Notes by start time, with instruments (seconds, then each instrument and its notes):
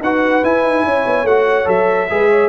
0.00 tuba D#4, trombone F#4, horn B4, trumpet F#5
0.43 tuba E4, trombone E4, trumpet G#5
0.63 tuba D#4
0.84 tuba C#4, horn C#5
1.06 tuba B3
1.23 tuba A3, trombone F#4, trumpet F#5
1.65 tuba F#3, trombone A4, trumpet E5
2.10 tuba G#3, trombone G#4, horn B4
2.30 horn C#5